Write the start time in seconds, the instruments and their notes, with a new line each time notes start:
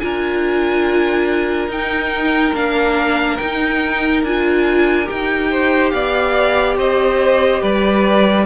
0.00 cello D4, viola F4, violin A#4 G#5
1.68 cello D#4, viola D#4, violin G5
2.54 cello A#3, viola D4, violin F5
3.37 cello D#4, viola D#4, violin G5
4.23 cello D4, viola F4, violin G#5
5.05 cello D#4, viola G4, violin G5
5.51 violin C5
5.90 cello B3, violin D5 F5
6.77 cello C4, violin C5 D#5
7.61 cello G3, violin B4 D5